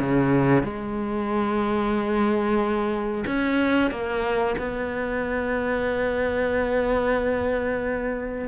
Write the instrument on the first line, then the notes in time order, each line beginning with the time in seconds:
cello
0.00 C#3
0.64 G#3
3.27 C#4
3.91 A#3
4.58 B3